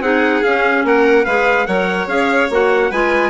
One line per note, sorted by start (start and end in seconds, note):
0.00 0.41 C4
0.00 0.44 D#4
0.00 0.86 G#4
0.00 0.43 F#5
0.43 1.27 C#4
0.43 0.84 C#4
0.43 0.85 F5
0.84 1.26 A#3
0.84 1.25 A#4
0.84 1.26 F#5
1.25 1.68 G#3
1.25 1.67 G#4
1.25 1.67 B4
1.25 1.67 F5
1.67 2.07 F#3
1.67 2.08 A#4
1.67 2.90 C#5
1.67 2.08 F#5
2.07 2.49 C#4
2.07 2.49 G#4
2.07 2.50 F5
2.50 2.91 A#3
2.50 2.92 F#4
2.50 2.92 F#5
2.90 3.31 G#3
2.90 3.31 F4
2.90 3.31 B4
2.90 3.31 G#5